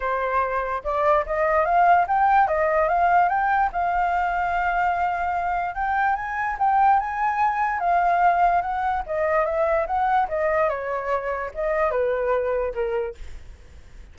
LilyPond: \new Staff \with { instrumentName = "flute" } { \time 4/4 \tempo 4 = 146 c''2 d''4 dis''4 | f''4 g''4 dis''4 f''4 | g''4 f''2.~ | f''2 g''4 gis''4 |
g''4 gis''2 f''4~ | f''4 fis''4 dis''4 e''4 | fis''4 dis''4 cis''2 | dis''4 b'2 ais'4 | }